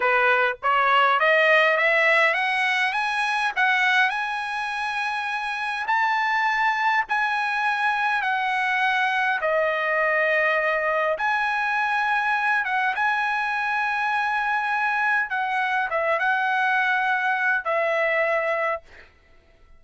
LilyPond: \new Staff \with { instrumentName = "trumpet" } { \time 4/4 \tempo 4 = 102 b'4 cis''4 dis''4 e''4 | fis''4 gis''4 fis''4 gis''4~ | gis''2 a''2 | gis''2 fis''2 |
dis''2. gis''4~ | gis''4. fis''8 gis''2~ | gis''2 fis''4 e''8 fis''8~ | fis''2 e''2 | }